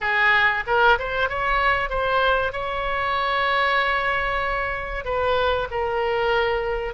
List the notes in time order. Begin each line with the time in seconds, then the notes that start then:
0.01 G#4
0.66 A#4
0.98 C5
1.29 C#5
1.89 C5
2.52 C#5
5.04 B4
5.70 A#4